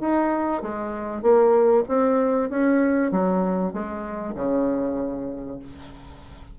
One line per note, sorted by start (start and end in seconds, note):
0.00 0.62 D#4
0.62 1.22 G#3
1.22 1.84 A#3
1.88 2.50 C4
2.50 3.11 C#4
3.11 3.73 F#3
3.73 4.35 G#3
4.35 5.59 C#3